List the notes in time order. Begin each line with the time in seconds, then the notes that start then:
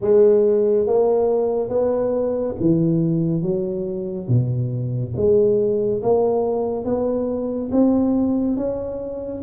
0.01 G#3
0.86 A#3
1.69 B3
2.59 E3
3.42 F#3
4.27 B2
5.16 G#3
6.02 A#3
6.85 B3
7.71 C4
8.56 C#4